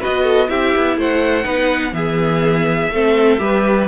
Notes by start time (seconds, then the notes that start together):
0.00 B3 F#4 B4 D#5
0.23 A4
0.48 C4 E4 G4 E5
0.76 B3
0.97 A3 C5 F#5
1.44 B3 D#4 B4
1.93 E3 B3 G#4 E5
2.90 A3 C4 A4
3.38 G3 G4 B4